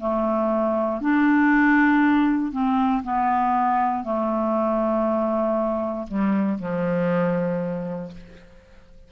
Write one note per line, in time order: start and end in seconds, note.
0.00 1.01 A3
1.01 2.52 D4
2.52 3.03 C4
3.04 4.04 B3
4.04 6.07 A3
6.08 6.59 G3
6.59 8.12 F3